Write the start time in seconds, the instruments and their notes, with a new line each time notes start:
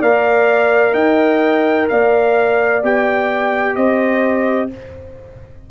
0.00 tuba A#3, trombone A#4, horn D5, trumpet F5
0.94 tuba D#4, horn D#5, trumpet G5
1.89 tuba A#3, horn D5, trumpet F5
2.83 tuba B3, trombone G4, trumpet G5
3.76 tuba C4, horn C5, trumpet D#5